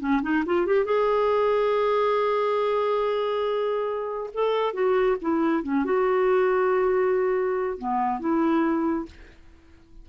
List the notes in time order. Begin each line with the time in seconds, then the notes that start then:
0.00 C#4
0.22 D#4
0.46 F4
0.67 G4
0.85 G#4
4.34 A4
4.74 F#4
5.22 E4
5.64 C#4
5.85 F#4
7.79 B3
8.20 E4